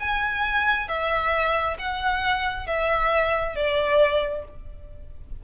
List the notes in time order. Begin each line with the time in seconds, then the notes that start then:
0.00 G#5
0.88 E5
1.79 F#5
2.67 E5
3.56 D5